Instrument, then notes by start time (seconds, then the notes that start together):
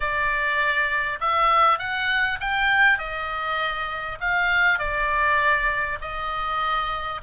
oboe
0.00 D5
1.20 E5
1.78 F#5
2.40 G5
2.98 D#5
4.20 F5
4.78 D5
6.01 D#5